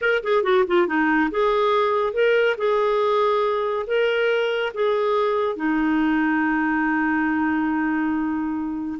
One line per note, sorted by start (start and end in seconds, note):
0.01 0.22 A#4
0.23 0.43 G#4
0.43 0.64 F#4
0.67 0.87 F4
0.87 1.30 D#4
1.31 2.13 G#4
2.13 2.56 A#4
2.57 3.86 G#4
3.86 4.72 A#4
4.74 5.56 G#4
5.56 8.99 D#4